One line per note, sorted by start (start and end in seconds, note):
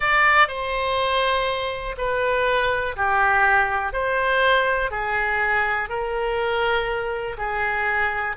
0.00 0.48 D5
0.48 1.95 C5
1.97 2.96 B4
2.96 3.93 G4
3.93 4.90 C5
4.90 5.89 G#4
5.89 7.36 A#4
7.37 8.36 G#4